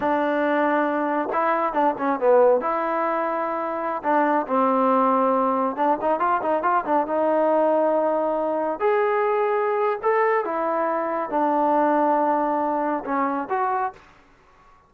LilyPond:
\new Staff \with { instrumentName = "trombone" } { \time 4/4 \tempo 4 = 138 d'2. e'4 | d'8 cis'8 b4 e'2~ | e'4~ e'16 d'4 c'4.~ c'16~ | c'4~ c'16 d'8 dis'8 f'8 dis'8 f'8 d'16~ |
d'16 dis'2.~ dis'8.~ | dis'16 gis'2~ gis'8. a'4 | e'2 d'2~ | d'2 cis'4 fis'4 | }